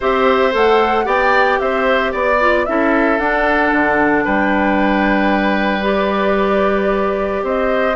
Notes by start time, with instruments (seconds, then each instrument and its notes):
0.00 bassoon C4, clarinet G4, oboe C5, flute E5
0.51 bassoon A3, clarinet A4, flute F#5
1.04 bassoon B3, clarinet G4, oboe D5, flute G5
1.59 bassoon C4, oboe C5, flute E5
2.12 bassoon B3, oboe D5, flute D5
2.40 clarinet F4
2.65 bassoon C#4, clarinet E4, oboe A4, flute E5
3.18 bassoon D4, clarinet D4, flute F#5
3.72 bassoon D3
4.24 bassoon G3, oboe B4, flute G5
5.81 clarinet G4, flute D5
7.42 bassoon C4, oboe C5, flute D#5